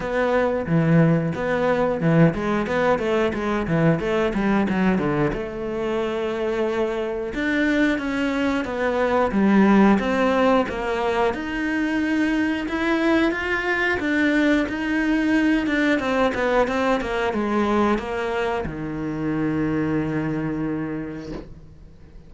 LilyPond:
\new Staff \with { instrumentName = "cello" } { \time 4/4 \tempo 4 = 90 b4 e4 b4 e8 gis8 | b8 a8 gis8 e8 a8 g8 fis8 d8 | a2. d'4 | cis'4 b4 g4 c'4 |
ais4 dis'2 e'4 | f'4 d'4 dis'4. d'8 | c'8 b8 c'8 ais8 gis4 ais4 | dis1 | }